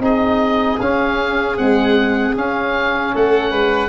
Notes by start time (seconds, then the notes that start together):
0.00 C4 D#4 G#4 D#5
0.80 C#4 F5
1.58 G#3 C4 F#5
2.35 C#4 F5
3.14 A3 A4 F#5
3.51 G#3 B4